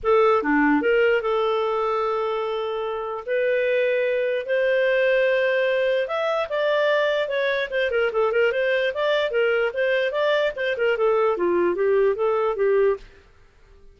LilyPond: \new Staff \with { instrumentName = "clarinet" } { \time 4/4 \tempo 4 = 148 a'4 d'4 ais'4 a'4~ | a'1 | b'2. c''4~ | c''2. e''4 |
d''2 cis''4 c''8 ais'8 | a'8 ais'8 c''4 d''4 ais'4 | c''4 d''4 c''8 ais'8 a'4 | f'4 g'4 a'4 g'4 | }